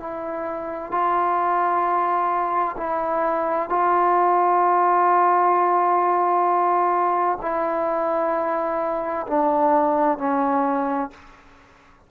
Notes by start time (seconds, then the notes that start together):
0.00 E4
0.91 F4
2.77 E4
3.70 F4
7.42 E4
9.28 D4
10.18 C#4